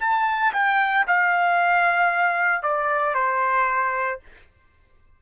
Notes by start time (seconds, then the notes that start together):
0.00 A5
0.53 G5
1.08 F5
2.63 D5
3.15 C5